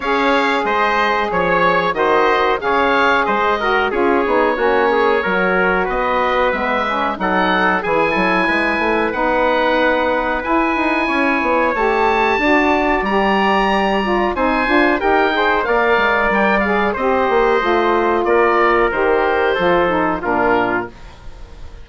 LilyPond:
<<
  \new Staff \with { instrumentName = "oboe" } { \time 4/4 \tempo 4 = 92 f''4 dis''4 cis''4 dis''4 | f''4 dis''4 cis''2~ | cis''4 dis''4 e''4 fis''4 | gis''2 fis''2 |
gis''2 a''2 | ais''2 gis''4 g''4 | f''4 g''8 f''8 dis''2 | d''4 c''2 ais'4 | }
  \new Staff \with { instrumentName = "trumpet" } { \time 4/4 cis''4 c''4 cis''4 c''4 | cis''4 c''8 ais'8 gis'4 fis'8 gis'8 | ais'4 b'2 a'4 | gis'8 a'8 b'2.~ |
b'4 cis''2 d''4~ | d''2 c''4 ais'8 c''8 | d''2 c''2 | ais'2 a'4 f'4 | }
  \new Staff \with { instrumentName = "saxophone" } { \time 4/4 gis'2. fis'4 | gis'4. fis'8 f'8 dis'8 cis'4 | fis'2 b8 cis'8 dis'4 | e'2 dis'2 |
e'2 g'4 fis'4 | g'4. f'8 dis'8 f'8 g'8 gis'8 | ais'4. gis'8 g'4 f'4~ | f'4 g'4 f'8 dis'8 d'4 | }
  \new Staff \with { instrumentName = "bassoon" } { \time 4/4 cis'4 gis4 f4 dis4 | cis4 gis4 cis'8 b8 ais4 | fis4 b4 gis4 fis4 | e8 fis8 gis8 a8 b2 |
e'8 dis'8 cis'8 b8 a4 d'4 | g2 c'8 d'8 dis'4 | ais8 gis8 g4 c'8 ais8 a4 | ais4 dis4 f4 ais,4 | }
>>